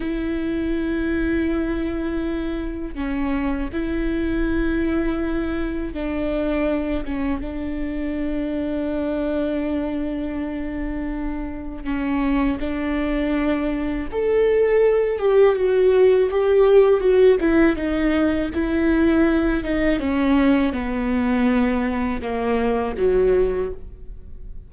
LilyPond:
\new Staff \with { instrumentName = "viola" } { \time 4/4 \tempo 4 = 81 e'1 | cis'4 e'2. | d'4. cis'8 d'2~ | d'1 |
cis'4 d'2 a'4~ | a'8 g'8 fis'4 g'4 fis'8 e'8 | dis'4 e'4. dis'8 cis'4 | b2 ais4 fis4 | }